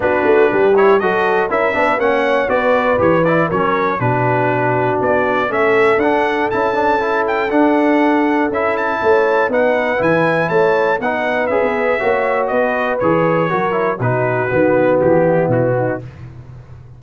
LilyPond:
<<
  \new Staff \with { instrumentName = "trumpet" } { \time 4/4 \tempo 4 = 120 b'4. cis''8 dis''4 e''4 | fis''4 d''4 cis''8 d''8 cis''4 | b'2 d''4 e''4 | fis''4 a''4. g''8 fis''4~ |
fis''4 e''8 a''4. fis''4 | gis''4 a''4 fis''4 e''4~ | e''4 dis''4 cis''2 | b'2 g'4 fis'4 | }
  \new Staff \with { instrumentName = "horn" } { \time 4/4 fis'4 g'4 a'4 ais'8 b'8 | cis''4 b'2 ais'4 | fis'2. a'4~ | a'1~ |
a'2 cis''4 b'4~ | b'4 cis''4 b'2 | cis''4 b'2 ais'4 | fis'2~ fis'8 e'4 dis'8 | }
  \new Staff \with { instrumentName = "trombone" } { \time 4/4 d'4. e'8 fis'4 e'8 d'8 | cis'4 fis'4 g'8 e'8 cis'4 | d'2. cis'4 | d'4 e'8 d'8 e'4 d'4~ |
d'4 e'2 dis'4 | e'2 dis'4 gis'4 | fis'2 gis'4 fis'8 e'8 | dis'4 b2. | }
  \new Staff \with { instrumentName = "tuba" } { \time 4/4 b8 a8 g4 fis4 cis'8 b8 | ais4 b4 e4 fis4 | b,2 b4 a4 | d'4 cis'2 d'4~ |
d'4 cis'4 a4 b4 | e4 a4 b4 cis'16 b8. | ais4 b4 e4 fis4 | b,4 dis4 e4 b,4 | }
>>